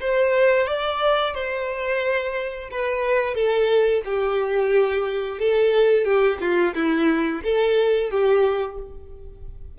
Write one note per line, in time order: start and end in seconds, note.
0.00 0.67 C5
0.67 1.35 D5
1.35 2.69 C5
2.71 3.35 B4
3.35 4.02 A4
4.05 5.39 G4
5.39 6.05 A4
6.05 6.38 G4
6.41 6.74 F4
6.74 7.42 E4
7.43 8.11 A4
8.11 8.78 G4